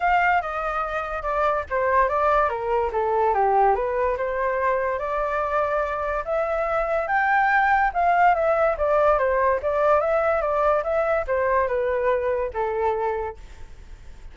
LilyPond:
\new Staff \with { instrumentName = "flute" } { \time 4/4 \tempo 4 = 144 f''4 dis''2 d''4 | c''4 d''4 ais'4 a'4 | g'4 b'4 c''2 | d''2. e''4~ |
e''4 g''2 f''4 | e''4 d''4 c''4 d''4 | e''4 d''4 e''4 c''4 | b'2 a'2 | }